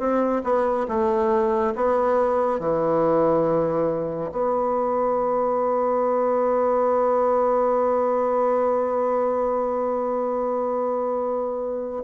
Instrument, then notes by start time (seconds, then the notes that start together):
bassoon
0.00 C4
0.44 B3
0.89 A3
1.76 B3
2.60 E3
4.32 B3